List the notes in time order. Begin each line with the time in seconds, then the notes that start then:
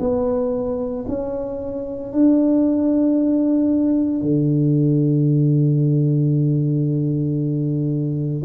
0.00 B3
1.08 C#4
2.13 D4
4.22 D3